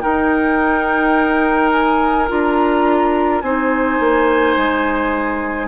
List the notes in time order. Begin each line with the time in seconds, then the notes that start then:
0.00 D#4 A#4 G5
1.71 G#5
2.28 D4 F4 A#5
3.41 C4 D#4 C5 G#5
3.99 A#3
4.57 G#3